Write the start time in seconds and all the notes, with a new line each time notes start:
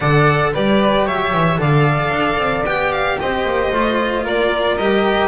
0.00 D3 A4 D5 F#5
0.53 G3 G4 B4 D5
1.05 F#3 C#5 E5
1.33 E3
1.57 D3 A4 D5 F5
2.10 D4
2.37 C4
2.65 B3 G4 G5
2.91 F5
3.19 C4 C5 D#5
3.44 A#3
3.71 A3 F4
4.24 A#3 A#4 D5
4.77 G3 G4 D#5